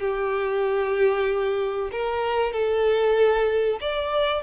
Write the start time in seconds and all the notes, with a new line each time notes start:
0.00 G4
1.91 A#4
2.53 A4
3.80 D5